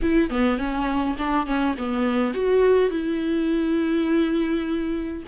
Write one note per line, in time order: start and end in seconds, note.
0.02 0.30 E4
0.30 0.57 B3
0.57 1.16 C#4
1.18 1.46 D4
1.46 1.75 C#4
1.77 2.34 B3
2.34 2.90 F#4
2.90 5.23 E4